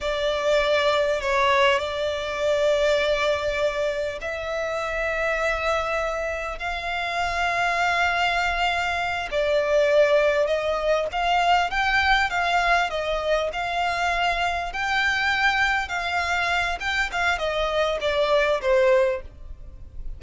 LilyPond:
\new Staff \with { instrumentName = "violin" } { \time 4/4 \tempo 4 = 100 d''2 cis''4 d''4~ | d''2. e''4~ | e''2. f''4~ | f''2.~ f''8 d''8~ |
d''4. dis''4 f''4 g''8~ | g''8 f''4 dis''4 f''4.~ | f''8 g''2 f''4. | g''8 f''8 dis''4 d''4 c''4 | }